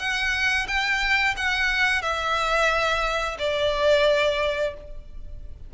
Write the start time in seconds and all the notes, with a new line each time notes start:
0.00 F#5
0.68 G5
1.37 F#5
2.03 E5
3.40 D5